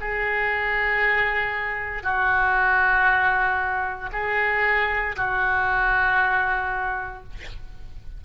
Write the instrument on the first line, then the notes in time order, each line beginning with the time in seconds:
oboe
0.00 G#4
2.03 F#4
4.12 G#4
5.16 F#4